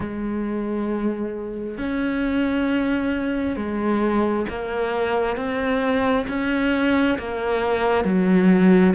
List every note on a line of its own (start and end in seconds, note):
0.00 1.77 G#3
1.77 3.56 C#4
3.56 4.45 G#3
4.49 5.36 A#3
5.36 6.26 C4
6.28 7.18 C#4
7.18 8.04 A#3
8.04 8.93 F#3